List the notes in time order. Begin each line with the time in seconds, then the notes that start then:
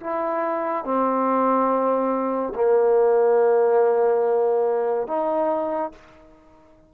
0.00 E4
0.85 C4
2.54 A#3
5.07 D#4